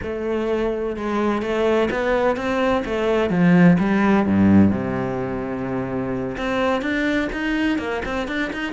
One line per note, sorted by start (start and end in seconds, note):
0.02 0.96 A3
0.96 1.42 G#3
1.42 1.89 A3
1.90 2.36 B3
2.36 2.83 C4
2.85 3.29 A3
3.29 3.77 F3
3.79 4.26 G3
4.26 4.71 G2
4.71 6.36 C3
6.37 6.81 C4
6.81 7.29 D4
7.32 7.78 D#4
7.78 8.02 A#3
8.05 8.27 C4
8.27 8.51 D4
8.52 8.72 D#4